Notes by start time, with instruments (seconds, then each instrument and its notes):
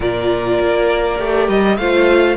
0.00 cello A#2, viola F4, violin A#4 D5
0.60 cello A#3
1.17 cello A3, viola G4
1.48 cello G3, violin D#5
1.77 cello A3, viola F4, violin C5 F5